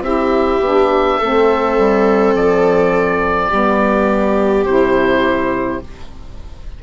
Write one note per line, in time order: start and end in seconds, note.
0.00 0.58 C4
0.00 0.61 E4
0.00 1.17 G4
0.00 2.34 E5
0.60 1.18 B3
0.60 1.20 D4
1.17 1.78 A3
1.17 3.52 C4
1.17 3.48 A4
1.78 2.34 G3
2.34 3.50 F3
2.34 4.65 D5
3.49 4.64 G3
3.49 4.67 B3
3.49 5.79 G4
4.64 5.80 C3
4.64 5.82 E4
4.64 5.80 C5